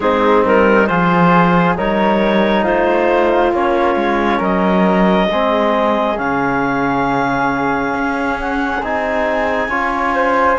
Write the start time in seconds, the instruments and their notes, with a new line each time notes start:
0.00 cello G#3, trombone C4, flute D#4, clarinet G#4
0.44 cello G3, clarinet A#4
0.86 cello F3, trombone F4, flute G#4, clarinet C5
1.76 cello G3, trombone D#4, flute A#4, clarinet C#5
2.63 cello A3, flute F4, clarinet C5
3.52 cello A#3, trombone C#4, clarinet C#5
3.95 cello G#3
4.37 cello F#3, flute A#4, clarinet D#5
5.31 cello G#3, trombone C4, flute G#4
6.16 cello C#3, trombone C#4, clarinet F5
7.94 cello C#4
8.39 clarinet F#5
8.82 cello C4, trombone D#4, clarinet G#5
9.68 cello C#4, trombone F4, flute C#5
10.14 flute C5